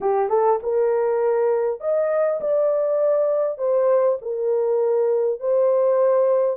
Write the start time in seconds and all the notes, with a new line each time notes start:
0.01 G4
0.29 A4
0.62 A#4
1.80 D#5
2.40 D5
3.58 C5
4.21 A#4
5.39 C5